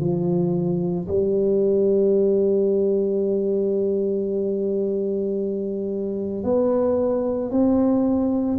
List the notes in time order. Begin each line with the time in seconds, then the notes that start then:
0.00 F3
1.08 G3
6.43 B3
7.50 C4